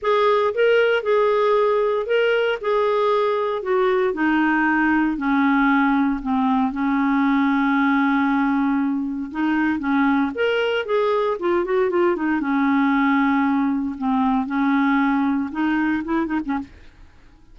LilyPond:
\new Staff \with { instrumentName = "clarinet" } { \time 4/4 \tempo 4 = 116 gis'4 ais'4 gis'2 | ais'4 gis'2 fis'4 | dis'2 cis'2 | c'4 cis'2.~ |
cis'2 dis'4 cis'4 | ais'4 gis'4 f'8 fis'8 f'8 dis'8 | cis'2. c'4 | cis'2 dis'4 e'8 dis'16 cis'16 | }